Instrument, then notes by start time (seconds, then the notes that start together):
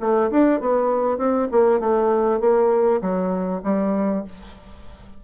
bassoon
0.00 A3
0.30 D4
0.60 B3
1.17 C4
1.51 A#3
1.79 A3
2.40 A#3
3.01 F#3
3.63 G3